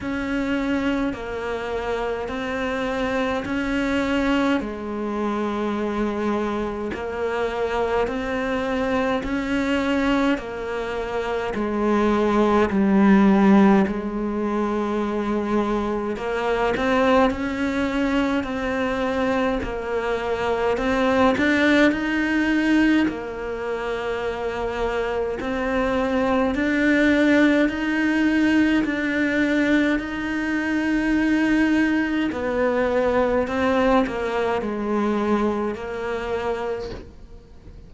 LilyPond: \new Staff \with { instrumentName = "cello" } { \time 4/4 \tempo 4 = 52 cis'4 ais4 c'4 cis'4 | gis2 ais4 c'4 | cis'4 ais4 gis4 g4 | gis2 ais8 c'8 cis'4 |
c'4 ais4 c'8 d'8 dis'4 | ais2 c'4 d'4 | dis'4 d'4 dis'2 | b4 c'8 ais8 gis4 ais4 | }